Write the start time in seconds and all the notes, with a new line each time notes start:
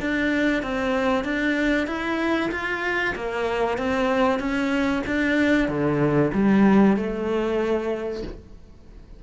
0.00 D4
0.63 C4
1.24 D4
1.87 E4
2.51 F4
3.15 A#3
3.78 C4
4.39 C#4
5.07 D4
5.68 D3
6.33 G3
6.97 A3